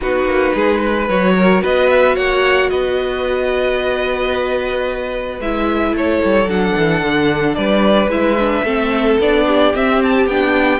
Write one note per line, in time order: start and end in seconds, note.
0.01 0.25 B3
0.01 1.08 D#4
0.01 0.54 F#4
0.01 1.09 B4
0.25 0.52 A#3
0.54 1.08 G#3
0.54 0.79 G#4
0.79 1.33 B4
1.08 1.62 F#3
1.08 5.41 F#4
1.08 1.63 C#5
1.36 1.62 A#4
1.62 2.16 B3
1.62 2.15 B4
1.62 1.89 D#5
1.89 2.16 E5
2.15 2.70 A#3
2.15 2.69 C#5
2.15 2.69 F#5
2.69 5.40 B3
2.69 5.95 B4
2.69 5.39 D#5
5.40 5.92 G#3
5.40 6.48 E4
5.40 5.95 E5
5.92 6.19 A3
5.92 7.57 A4
5.92 6.50 C#5
6.24 6.45 G3
6.45 6.72 F#3
6.45 8.10 D4
6.45 7.54 F#5
6.76 7.01 E3
7.01 7.55 D3
7.54 8.07 G3
7.54 8.64 B4
7.54 8.08 D5
8.07 8.61 G#3
8.07 8.37 E4
8.07 9.19 E5
8.39 8.65 D4
8.64 9.18 A3
8.64 9.19 C4
8.64 9.45 A4
9.19 9.73 B3
9.19 9.74 D4
9.19 9.75 D5
9.46 10.79 G4
9.74 10.28 C4
9.74 10.26 C4
9.74 10.02 E5
10.03 10.27 A5
10.26 10.79 B3
10.26 10.79 D4
10.26 10.79 G5